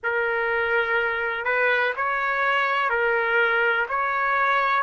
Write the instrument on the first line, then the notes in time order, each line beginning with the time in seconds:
trumpet
0.03 A#4
1.45 B4
1.96 C#5
2.89 A#4
3.88 C#5